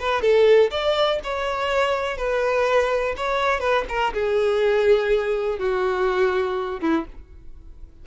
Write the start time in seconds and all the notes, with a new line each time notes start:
0.00 B4
0.22 A4
0.71 D5
1.24 C#5
2.18 B4
3.17 C#5
3.60 B4
3.89 A#4
4.14 G#4
5.59 F#4
6.81 E4